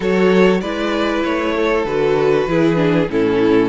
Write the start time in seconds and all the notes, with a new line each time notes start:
0.00 F#3 F#4 A4 C#5
0.60 G#3 E4 B4 D5
1.24 A3 C#5
1.56 A4
1.84 D3 F#4 B4
2.46 E3 E4 G#4
2.75 D4
3.09 A2 C#4 E4 A4